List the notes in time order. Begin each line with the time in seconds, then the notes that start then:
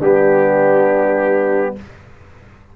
0.00 G3 B3 D4 G4